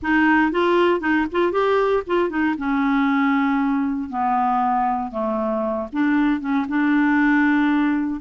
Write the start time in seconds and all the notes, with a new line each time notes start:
0.02 D#4
0.51 F4
1.00 D#4
1.31 F4
1.52 G4
2.07 F4
2.29 D#4
2.58 C#4
4.09 B3
5.11 A3
5.92 D4
6.40 C#4
6.68 D4